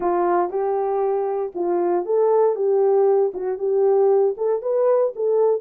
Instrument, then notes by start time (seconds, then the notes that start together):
horn
0.00 F4
0.49 G4
1.54 F4
2.05 A4
2.55 G4
3.34 F#4
3.58 G4
4.37 A4
4.62 B4
5.15 A4